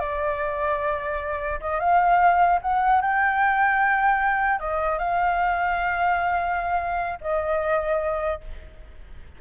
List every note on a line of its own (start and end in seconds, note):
0.00 1.60 D5
1.61 1.80 D#5
1.80 2.60 F5
2.62 3.02 F#5
3.02 4.60 G5
4.60 4.99 D#5
4.99 7.19 F5
7.21 8.41 D#5